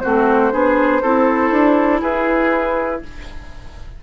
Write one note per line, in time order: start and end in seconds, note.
0.00 0.53 A3
0.00 0.52 C4
0.00 0.53 F#4
0.00 2.00 C5
0.52 1.03 B3
0.52 1.02 D4
0.52 1.02 G#4
1.02 1.52 C4
1.02 3.03 E4
1.02 2.01 A4
1.52 2.02 D4
2.01 3.02 E4
2.01 3.01 G#4
2.01 3.02 B4